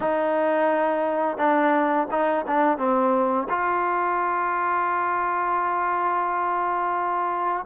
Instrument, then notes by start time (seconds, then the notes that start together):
trombone
0.00 D#4
1.37 D4
2.10 D#4
2.47 D4
2.77 C4
3.49 F4